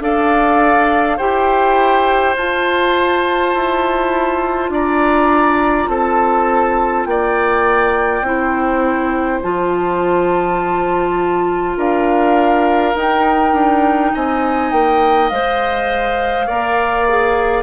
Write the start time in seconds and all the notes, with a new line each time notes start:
0.00 D4 A4 D5 F5
1.17 E4 G4 C5 G5
2.36 F4 A5
3.53 E4
4.69 D4 D5 A#5
5.88 C4 A4 A5
7.05 A#3 D5 G5
8.22 C4 E4 C5
9.42 F3 F4 A5
11.76 D4 A#4 F5
12.95 D#4 G5
13.52 D4
14.14 C4 D#5 G#5
14.72 A#3 G5
15.29 G#3 C5 F5
16.46 A#3 A#4 D5
17.08 G#4